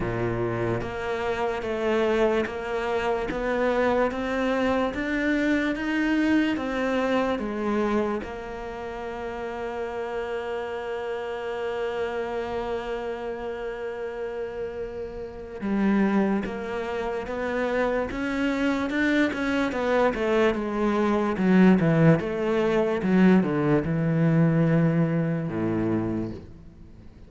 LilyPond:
\new Staff \with { instrumentName = "cello" } { \time 4/4 \tempo 4 = 73 ais,4 ais4 a4 ais4 | b4 c'4 d'4 dis'4 | c'4 gis4 ais2~ | ais1~ |
ais2. g4 | ais4 b4 cis'4 d'8 cis'8 | b8 a8 gis4 fis8 e8 a4 | fis8 d8 e2 a,4 | }